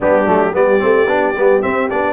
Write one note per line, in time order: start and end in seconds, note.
0.00 0.26 G3
0.00 0.25 B3
0.00 0.53 D4
0.00 0.55 G4
0.25 0.53 F#3
0.25 0.52 A3
0.52 0.82 G3
0.52 0.79 B3
0.52 2.13 G4
0.52 1.61 D5
0.79 1.07 A3
0.79 1.06 C4
1.07 1.34 B3
1.07 1.35 D4
1.34 1.61 G3
1.34 1.62 B3
1.61 1.89 C4
1.61 1.90 C4
1.61 1.89 E5
1.89 2.13 B3
1.89 2.13 D4
1.89 2.13 D5